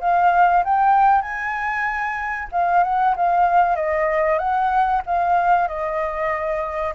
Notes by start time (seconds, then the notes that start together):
0.00 F5
0.64 G5
1.22 G#5
2.51 F5
2.83 F#5
3.16 F5
3.76 D#5
4.39 F#5
5.06 F5
5.68 D#5